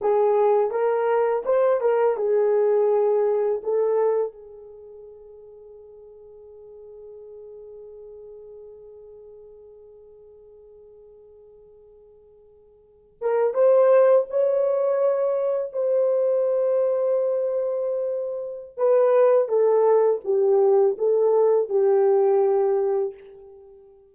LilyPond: \new Staff \with { instrumentName = "horn" } { \time 4/4 \tempo 4 = 83 gis'4 ais'4 c''8 ais'8 gis'4~ | gis'4 a'4 gis'2~ | gis'1~ | gis'1~ |
gis'2~ gis'16 ais'8 c''4 cis''16~ | cis''4.~ cis''16 c''2~ c''16~ | c''2 b'4 a'4 | g'4 a'4 g'2 | }